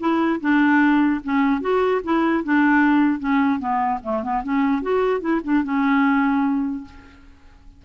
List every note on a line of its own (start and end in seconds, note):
0.00 0.40 E4
0.41 1.21 D4
1.24 1.61 C#4
1.61 2.01 F#4
2.04 2.44 E4
2.44 3.20 D4
3.20 3.59 C#4
3.59 4.00 B3
4.03 4.23 A3
4.23 4.43 B3
4.43 4.82 C#4
4.82 5.21 F#4
5.21 5.41 E4
5.44 5.64 D4
5.64 6.85 C#4